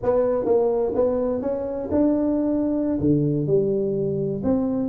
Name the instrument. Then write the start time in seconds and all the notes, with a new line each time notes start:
tuba
0.02 B3
0.45 A#3
0.94 B3
1.41 C#4
1.91 D4
3.00 D3
3.46 G3
4.43 C4